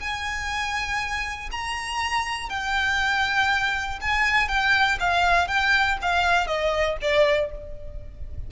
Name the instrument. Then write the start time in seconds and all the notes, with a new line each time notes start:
violin
0.00 G#5
1.52 A#5
2.50 G5
4.01 G#5
4.48 G5
5.00 F5
5.48 G5
6.02 F5
6.47 D#5
7.02 D5